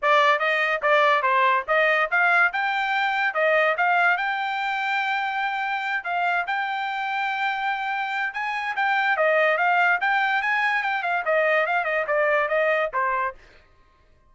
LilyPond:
\new Staff \with { instrumentName = "trumpet" } { \time 4/4 \tempo 4 = 144 d''4 dis''4 d''4 c''4 | dis''4 f''4 g''2 | dis''4 f''4 g''2~ | g''2~ g''8 f''4 g''8~ |
g''1 | gis''4 g''4 dis''4 f''4 | g''4 gis''4 g''8 f''8 dis''4 | f''8 dis''8 d''4 dis''4 c''4 | }